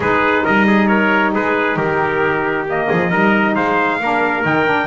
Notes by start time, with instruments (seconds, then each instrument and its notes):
0.00 double bass G#3, saxophone D#4, trumpet G#4 B4
0.43 double bass G3, trumpet A#4 D#5
0.67 trumpet G#4
0.87 trumpet A#4 C#5
1.34 double bass G#3, trumpet G#4 B4
1.76 double bass D#3, trumpet G4 A#4
2.67 saxophone A#3, trumpet D#5
2.88 double bass F3, trumpet G#4
3.10 double bass G3, saxophone D#4, trumpet A#4
3.55 double bass G#3, trumpet C5 F5
4.00 double bass A#3, saxophone D4, trumpet A#4
4.42 double bass D#3, saxophone D#4, trumpet G5
4.65 saxophone D4